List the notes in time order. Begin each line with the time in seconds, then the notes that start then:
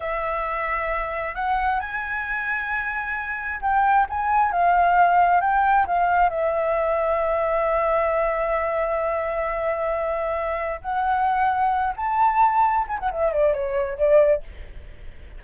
0.00 E5
1.35 F#5
1.80 G#5
3.61 G5
4.09 G#5
4.52 F5
5.41 G5
5.86 F5
6.29 E5
10.81 F#5
11.96 A5
12.87 G#5
12.99 F#5
13.11 E5
13.32 D5
13.53 C#5
13.98 D5